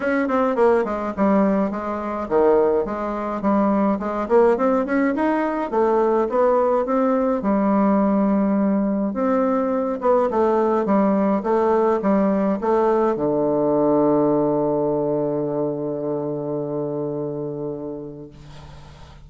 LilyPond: \new Staff \with { instrumentName = "bassoon" } { \time 4/4 \tempo 4 = 105 cis'8 c'8 ais8 gis8 g4 gis4 | dis4 gis4 g4 gis8 ais8 | c'8 cis'8 dis'4 a4 b4 | c'4 g2. |
c'4. b8 a4 g4 | a4 g4 a4 d4~ | d1~ | d1 | }